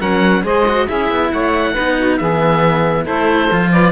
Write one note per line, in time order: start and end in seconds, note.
0.00 0.44 F#3
0.00 0.43 C#4
0.00 0.43 A#4
0.00 0.44 F#5
0.43 0.87 G#3
0.43 0.65 G#4
0.43 0.87 C5
0.43 0.88 D#5
0.68 0.88 F#4
0.87 1.11 C#4
0.87 1.75 E4
0.87 1.31 G#4
0.87 1.31 E5
1.11 1.33 B3
1.33 1.77 A3
1.33 1.73 C#5
1.33 2.18 F#5
1.73 2.21 B3
1.73 2.21 D#4
1.73 1.95 B4
1.97 2.19 F#4
2.18 3.08 E3
2.18 3.06 B3
2.18 3.05 G#4
2.18 3.05 E5
3.05 3.52 A3
3.05 3.49 E4
3.05 3.70 A4
3.05 3.72 C5
3.52 3.92 F3
3.52 3.92 F4
3.72 3.92 B4
3.72 3.92 D5